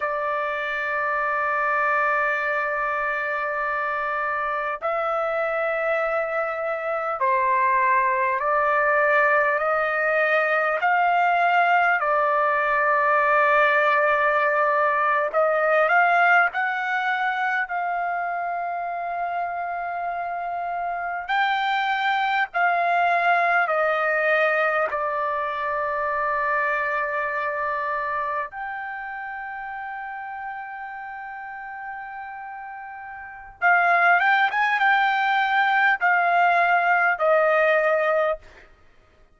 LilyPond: \new Staff \with { instrumentName = "trumpet" } { \time 4/4 \tempo 4 = 50 d''1 | e''2 c''4 d''4 | dis''4 f''4 d''2~ | d''8. dis''8 f''8 fis''4 f''4~ f''16~ |
f''4.~ f''16 g''4 f''4 dis''16~ | dis''8. d''2. g''16~ | g''1 | f''8 g''16 gis''16 g''4 f''4 dis''4 | }